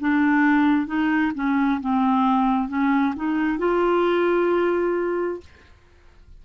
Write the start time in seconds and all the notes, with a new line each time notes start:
0.00 D4
0.86 D#4
1.35 C#4
1.81 C4
2.68 C#4
3.16 D#4
3.58 F4